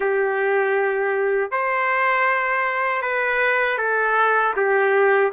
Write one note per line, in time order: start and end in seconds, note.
0.00 1.51 G4
1.51 3.02 C5
3.02 3.78 B4
3.78 4.54 A4
4.56 5.32 G4